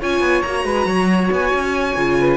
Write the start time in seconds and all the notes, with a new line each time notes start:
0.00 C#4 F4 C#5 G#5
0.20 B3
0.42 A#3 F#4 A#5
0.64 G#3 B4
0.85 F#3 C#5
1.32 B3 G#5
1.54 C#4
1.95 C#3 F4
2.20 B4